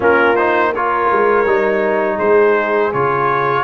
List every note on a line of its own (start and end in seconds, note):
0.00 1.09 A#3
0.00 0.36 C#4
0.00 0.72 F4
0.00 0.36 A#4
0.36 0.75 D#4
0.36 0.72 C5
0.74 1.46 F4
0.74 2.15 A#4
0.74 2.18 C#5
1.11 1.45 G#3
1.45 2.19 G3
1.45 2.92 D#4
2.15 2.93 G#3
2.15 3.62 G#4
2.15 2.92 C5
2.93 3.64 C#3
2.93 3.64 F4
2.93 3.64 C#5